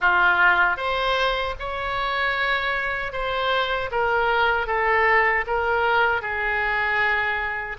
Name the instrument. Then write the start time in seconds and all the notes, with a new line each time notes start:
oboe
0.00 F4
0.77 C5
1.59 C#5
3.12 C5
3.91 A#4
4.66 A4
5.47 A#4
6.21 G#4